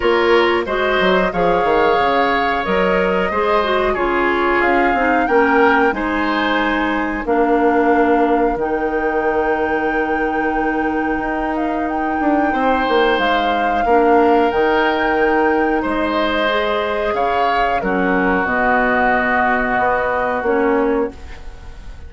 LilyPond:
<<
  \new Staff \with { instrumentName = "flute" } { \time 4/4 \tempo 4 = 91 cis''4 dis''4 f''2 | dis''2 cis''4 f''4 | g''4 gis''2 f''4~ | f''4 g''2.~ |
g''4. f''8 g''2 | f''2 g''2 | dis''2 f''4 ais'4 | dis''2. cis''4 | }
  \new Staff \with { instrumentName = "oboe" } { \time 4/4 ais'4 c''4 cis''2~ | cis''4 c''4 gis'2 | ais'4 c''2 ais'4~ | ais'1~ |
ais'2. c''4~ | c''4 ais'2. | c''2 cis''4 fis'4~ | fis'1 | }
  \new Staff \with { instrumentName = "clarinet" } { \time 4/4 f'4 fis'4 gis'2 | ais'4 gis'8 fis'8 f'4. dis'8 | cis'4 dis'2 d'4~ | d'4 dis'2.~ |
dis'1~ | dis'4 d'4 dis'2~ | dis'4 gis'2 cis'4 | b2. cis'4 | }
  \new Staff \with { instrumentName = "bassoon" } { \time 4/4 ais4 gis8 fis8 f8 dis8 cis4 | fis4 gis4 cis4 cis'8 c'8 | ais4 gis2 ais4~ | ais4 dis2.~ |
dis4 dis'4. d'8 c'8 ais8 | gis4 ais4 dis2 | gis2 cis4 fis4 | b,2 b4 ais4 | }
>>